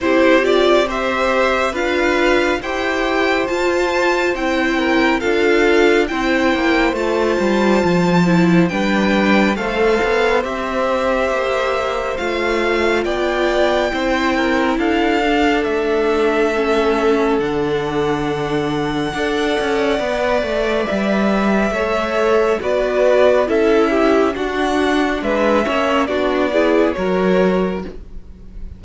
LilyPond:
<<
  \new Staff \with { instrumentName = "violin" } { \time 4/4 \tempo 4 = 69 c''8 d''8 e''4 f''4 g''4 | a''4 g''4 f''4 g''4 | a''2 g''4 f''4 | e''2 f''4 g''4~ |
g''4 f''4 e''2 | fis''1 | e''2 d''4 e''4 | fis''4 e''4 d''4 cis''4 | }
  \new Staff \with { instrumentName = "violin" } { \time 4/4 g'4 c''4 b'4 c''4~ | c''4. ais'8 a'4 c''4~ | c''2 b'4 c''4~ | c''2. d''4 |
c''8 ais'8 a'2.~ | a'2 d''2~ | d''4 cis''4 b'4 a'8 g'8 | fis'4 b'8 cis''8 fis'8 gis'8 ais'4 | }
  \new Staff \with { instrumentName = "viola" } { \time 4/4 e'8 f'8 g'4 f'4 g'4 | f'4 e'4 f'4 e'4 | f'4. e'8 d'4 a'4 | g'2 f'2 |
e'4. d'4. cis'4 | d'2 a'4 b'4~ | b'4 a'4 fis'4 e'4 | d'4. cis'8 d'8 e'8 fis'4 | }
  \new Staff \with { instrumentName = "cello" } { \time 4/4 c'2 d'4 e'4 | f'4 c'4 d'4 c'8 ais8 | a8 g8 f4 g4 a8 b8 | c'4 ais4 a4 b4 |
c'4 d'4 a2 | d2 d'8 cis'8 b8 a8 | g4 a4 b4 cis'4 | d'4 gis8 ais8 b4 fis4 | }
>>